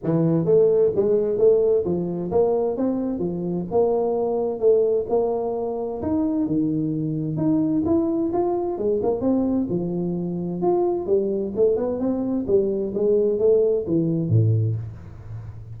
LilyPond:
\new Staff \with { instrumentName = "tuba" } { \time 4/4 \tempo 4 = 130 e4 a4 gis4 a4 | f4 ais4 c'4 f4 | ais2 a4 ais4~ | ais4 dis'4 dis2 |
dis'4 e'4 f'4 gis8 ais8 | c'4 f2 f'4 | g4 a8 b8 c'4 g4 | gis4 a4 e4 a,4 | }